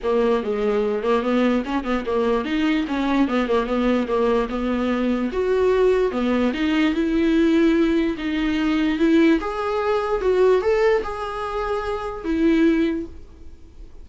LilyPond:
\new Staff \with { instrumentName = "viola" } { \time 4/4 \tempo 4 = 147 ais4 gis4. ais8 b4 | cis'8 b8 ais4 dis'4 cis'4 | b8 ais8 b4 ais4 b4~ | b4 fis'2 b4 |
dis'4 e'2. | dis'2 e'4 gis'4~ | gis'4 fis'4 a'4 gis'4~ | gis'2 e'2 | }